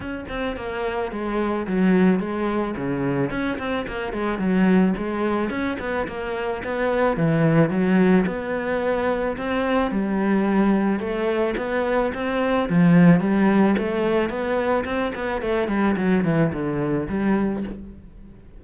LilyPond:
\new Staff \with { instrumentName = "cello" } { \time 4/4 \tempo 4 = 109 cis'8 c'8 ais4 gis4 fis4 | gis4 cis4 cis'8 c'8 ais8 gis8 | fis4 gis4 cis'8 b8 ais4 | b4 e4 fis4 b4~ |
b4 c'4 g2 | a4 b4 c'4 f4 | g4 a4 b4 c'8 b8 | a8 g8 fis8 e8 d4 g4 | }